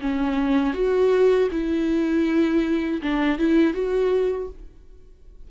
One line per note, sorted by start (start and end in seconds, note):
0.00 0.73 C#4
0.73 1.48 F#4
1.51 3.01 E4
3.01 3.38 D4
3.38 3.73 E4
3.73 4.48 F#4